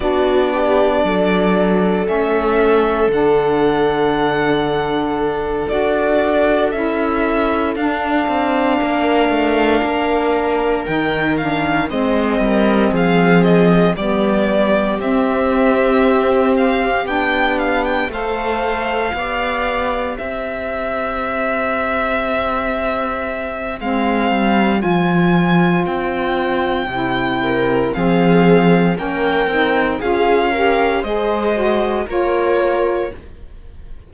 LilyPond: <<
  \new Staff \with { instrumentName = "violin" } { \time 4/4 \tempo 4 = 58 d''2 e''4 fis''4~ | fis''4. d''4 e''4 f''8~ | f''2~ f''8 g''8 f''8 dis''8~ | dis''8 f''8 dis''8 d''4 e''4. |
f''8 g''8 f''16 g''16 f''2 e''8~ | e''2. f''4 | gis''4 g''2 f''4 | g''4 f''4 dis''4 cis''4 | }
  \new Staff \with { instrumentName = "viola" } { \time 4/4 fis'8 g'8 a'2.~ | a'1~ | a'8 ais'2. c''8 | ais'8 gis'4 g'2~ g'8~ |
g'4. c''4 d''4 c''8~ | c''1~ | c''2~ c''8 ais'8 gis'4 | ais'4 gis'8 ais'8 c''4 ais'4 | }
  \new Staff \with { instrumentName = "saxophone" } { \time 4/4 d'2 cis'4 d'4~ | d'4. fis'4 e'4 d'8~ | d'2~ d'8 dis'8 d'8 c'8~ | c'4. b4 c'4.~ |
c'8 d'4 a'4 g'4.~ | g'2. c'4 | f'2 e'4 c'4 | cis'8 dis'8 f'8 g'8 gis'8 fis'8 f'4 | }
  \new Staff \with { instrumentName = "cello" } { \time 4/4 b4 fis4 a4 d4~ | d4. d'4 cis'4 d'8 | c'8 ais8 a8 ais4 dis4 gis8 | g8 f4 g4 c'4.~ |
c'8 b4 a4 b4 c'8~ | c'2. gis8 g8 | f4 c'4 c4 f4 | ais8 c'8 cis'4 gis4 ais4 | }
>>